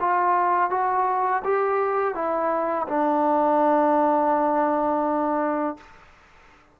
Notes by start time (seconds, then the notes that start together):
0.00 F4
0.70 F#4
1.44 G4
2.15 E4
2.88 D4